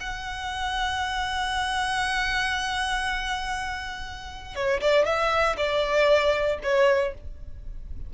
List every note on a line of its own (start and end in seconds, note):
0.00 4.55 F#5
4.55 4.81 C#5
4.81 5.05 D5
5.05 5.56 E5
5.57 6.58 D5
6.63 7.14 C#5